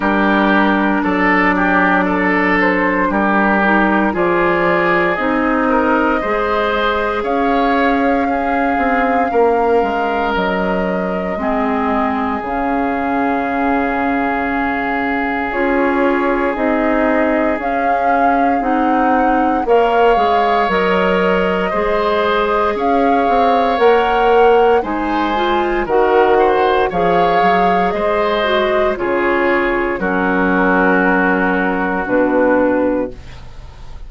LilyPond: <<
  \new Staff \with { instrumentName = "flute" } { \time 4/4 \tempo 4 = 58 ais'4 d''4. c''8 ais'4 | d''4 dis''2 f''4~ | f''2 dis''2 | f''2. cis''4 |
dis''4 f''4 fis''4 f''4 | dis''2 f''4 fis''4 | gis''4 fis''4 f''4 dis''4 | cis''4 ais'2 b'4 | }
  \new Staff \with { instrumentName = "oboe" } { \time 4/4 g'4 a'8 g'8 a'4 g'4 | gis'4. ais'8 c''4 cis''4 | gis'4 ais'2 gis'4~ | gis'1~ |
gis'2. cis''4~ | cis''4 c''4 cis''2 | c''4 ais'8 c''8 cis''4 c''4 | gis'4 fis'2. | }
  \new Staff \with { instrumentName = "clarinet" } { \time 4/4 d'2.~ d'8 dis'8 | f'4 dis'4 gis'2 | cis'2. c'4 | cis'2. f'4 |
dis'4 cis'4 dis'4 ais'8 gis'8 | ais'4 gis'2 ais'4 | dis'8 f'8 fis'4 gis'4. fis'8 | f'4 cis'2 d'4 | }
  \new Staff \with { instrumentName = "bassoon" } { \time 4/4 g4 fis2 g4 | f4 c'4 gis4 cis'4~ | cis'8 c'8 ais8 gis8 fis4 gis4 | cis2. cis'4 |
c'4 cis'4 c'4 ais8 gis8 | fis4 gis4 cis'8 c'8 ais4 | gis4 dis4 f8 fis8 gis4 | cis4 fis2 b,4 | }
>>